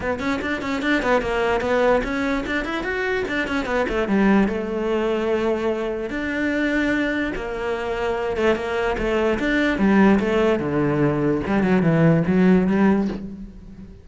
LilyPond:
\new Staff \with { instrumentName = "cello" } { \time 4/4 \tempo 4 = 147 b8 cis'8 d'8 cis'8 d'8 b8 ais4 | b4 cis'4 d'8 e'8 fis'4 | d'8 cis'8 b8 a8 g4 a4~ | a2. d'4~ |
d'2 ais2~ | ais8 a8 ais4 a4 d'4 | g4 a4 d2 | g8 fis8 e4 fis4 g4 | }